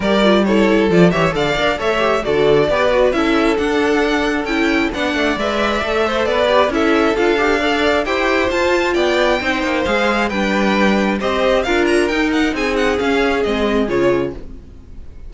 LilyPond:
<<
  \new Staff \with { instrumentName = "violin" } { \time 4/4 \tempo 4 = 134 d''4 cis''4 d''8 e''8 f''4 | e''4 d''2 e''4 | fis''2 g''4 fis''4 | e''2 d''4 e''4 |
f''2 g''4 a''4 | g''2 f''4 g''4~ | g''4 dis''4 f''8 ais''8 g''8 fis''8 | gis''8 fis''8 f''4 dis''4 cis''4 | }
  \new Staff \with { instrumentName = "violin" } { \time 4/4 ais'4 a'4. cis''8 d''4 | cis''4 a'4 b'4 a'4~ | a'2. d''4~ | d''4. c''8 b'4 a'4~ |
a'4 d''4 c''2 | d''4 c''2 b'4~ | b'4 c''4 ais'2 | gis'1 | }
  \new Staff \with { instrumentName = "viola" } { \time 4/4 g'8 f'8 e'4 f'8 g'8 a'8 ais'8 | a'8 g'8 fis'4 g'8 fis'8 e'4 | d'2 e'4 d'4 | b'4 a'4. g'8 e'4 |
f'8 g'8 a'4 g'4 f'4~ | f'4 dis'4 gis'4 d'4~ | d'4 g'4 f'4 dis'4~ | dis'4 cis'4 c'4 f'4 | }
  \new Staff \with { instrumentName = "cello" } { \time 4/4 g2 f8 e8 d8 d'8 | a4 d4 b4 cis'4 | d'2 cis'4 b8 a8 | gis4 a4 b4 cis'4 |
d'2 e'4 f'4 | b4 c'8 ais8 gis4 g4~ | g4 c'4 d'4 dis'4 | c'4 cis'4 gis4 cis4 | }
>>